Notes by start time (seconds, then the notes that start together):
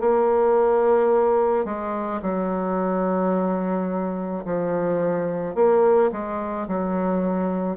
0.00 A#3
1.65 G#3
2.22 F#3
4.45 F3
5.55 A#3
6.12 G#3
6.68 F#3